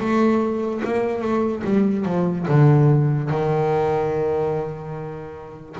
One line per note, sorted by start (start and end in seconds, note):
0.00 0.82 A3
0.85 1.22 A#3
1.22 1.63 A3
1.64 2.05 G3
2.06 2.47 F3
2.48 3.30 D3
3.30 5.76 D#3